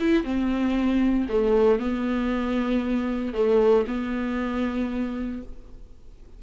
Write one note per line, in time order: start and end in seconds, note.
0.00 0.24 E4
0.24 1.27 C4
1.29 1.80 A3
1.80 3.34 B3
3.34 3.86 A3
3.88 5.43 B3